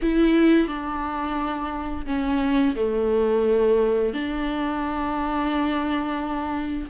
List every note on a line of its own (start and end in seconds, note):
0.02 0.67 E4
0.67 2.05 D4
2.06 2.75 C#4
2.75 4.13 A3
4.13 6.89 D4